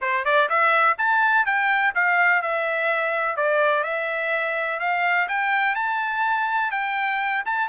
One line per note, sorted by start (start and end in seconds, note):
0.01 0.24 C5
0.24 0.48 D5
0.49 0.97 E5
0.98 1.45 A5
1.45 1.93 G5
1.94 2.42 F5
2.42 3.36 E5
3.36 3.83 D5
3.83 4.79 E5
4.79 5.27 F5
5.28 5.75 G5
5.75 6.71 A5
6.71 7.43 G5
7.45 7.68 A5